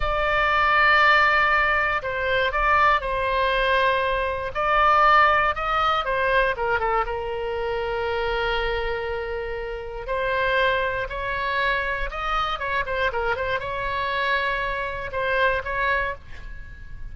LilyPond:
\new Staff \with { instrumentName = "oboe" } { \time 4/4 \tempo 4 = 119 d''1 | c''4 d''4 c''2~ | c''4 d''2 dis''4 | c''4 ais'8 a'8 ais'2~ |
ais'1 | c''2 cis''2 | dis''4 cis''8 c''8 ais'8 c''8 cis''4~ | cis''2 c''4 cis''4 | }